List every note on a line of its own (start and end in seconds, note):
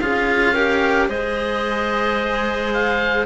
0.00 1.09 C#4
0.00 0.55 F4
0.00 0.53 G#4
0.00 1.09 F5
0.53 1.08 G4
0.53 1.08 A#4
1.08 3.26 G#3
1.08 3.26 G#4
1.08 3.26 C5
1.08 2.73 D#5
2.73 3.26 F5